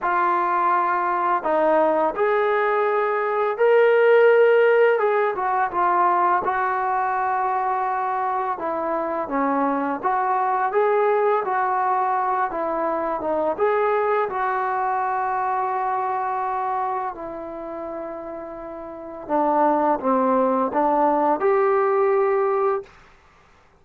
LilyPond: \new Staff \with { instrumentName = "trombone" } { \time 4/4 \tempo 4 = 84 f'2 dis'4 gis'4~ | gis'4 ais'2 gis'8 fis'8 | f'4 fis'2. | e'4 cis'4 fis'4 gis'4 |
fis'4. e'4 dis'8 gis'4 | fis'1 | e'2. d'4 | c'4 d'4 g'2 | }